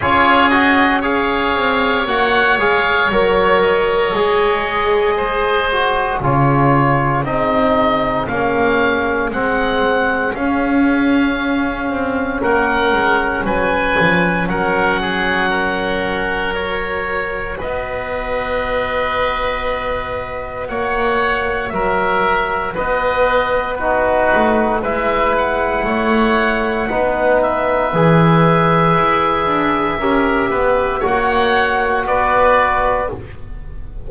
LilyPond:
<<
  \new Staff \with { instrumentName = "oboe" } { \time 4/4 \tempo 4 = 58 cis''8 dis''8 f''4 fis''8 f''8 cis''8 dis''8~ | dis''2 cis''4 dis''4 | f''4 fis''4 f''2 | fis''4 gis''4 fis''2 |
cis''4 dis''2. | fis''4 e''4 dis''4 b'4 | e''8 fis''2 e''4.~ | e''2 fis''4 d''4 | }
  \new Staff \with { instrumentName = "oboe" } { \time 4/4 gis'4 cis''2.~ | cis''4 c''4 gis'2~ | gis'1 | ais'4 b'4 ais'8 gis'8 ais'4~ |
ais'4 b'2. | cis''4 ais'4 b'4 fis'4 | b'4 cis''4 b'2~ | b'4 ais'8 b'8 cis''4 b'4 | }
  \new Staff \with { instrumentName = "trombone" } { \time 4/4 f'8 fis'8 gis'4 fis'8 gis'8 ais'4 | gis'4. fis'8 f'4 dis'4 | cis'4 c'4 cis'2~ | cis'1 |
fis'1~ | fis'2. dis'4 | e'2 dis'4 gis'4~ | gis'4 g'4 fis'2 | }
  \new Staff \with { instrumentName = "double bass" } { \time 4/4 cis'4. c'8 ais8 gis8 fis4 | gis2 cis4 c'4 | ais4 gis4 cis'4. c'8 | ais8 gis8 fis8 f8 fis2~ |
fis4 b2. | ais4 fis4 b4. a8 | gis4 a4 b4 e4 | e'8 d'8 cis'8 b8 ais4 b4 | }
>>